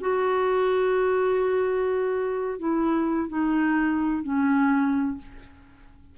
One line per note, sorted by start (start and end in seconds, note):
0.00 2.59 F#4
2.59 3.28 E4
3.28 4.23 D#4
4.23 5.17 C#4